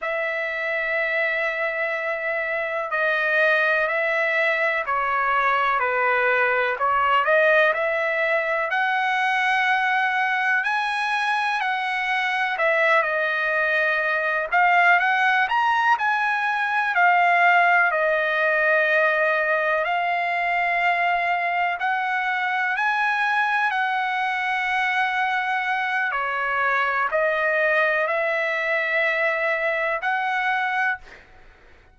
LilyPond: \new Staff \with { instrumentName = "trumpet" } { \time 4/4 \tempo 4 = 62 e''2. dis''4 | e''4 cis''4 b'4 cis''8 dis''8 | e''4 fis''2 gis''4 | fis''4 e''8 dis''4. f''8 fis''8 |
ais''8 gis''4 f''4 dis''4.~ | dis''8 f''2 fis''4 gis''8~ | gis''8 fis''2~ fis''8 cis''4 | dis''4 e''2 fis''4 | }